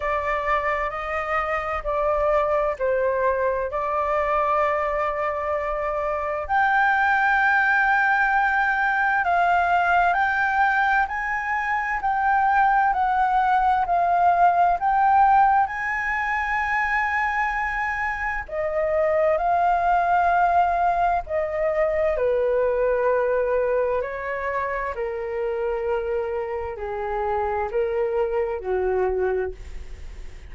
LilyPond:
\new Staff \with { instrumentName = "flute" } { \time 4/4 \tempo 4 = 65 d''4 dis''4 d''4 c''4 | d''2. g''4~ | g''2 f''4 g''4 | gis''4 g''4 fis''4 f''4 |
g''4 gis''2. | dis''4 f''2 dis''4 | b'2 cis''4 ais'4~ | ais'4 gis'4 ais'4 fis'4 | }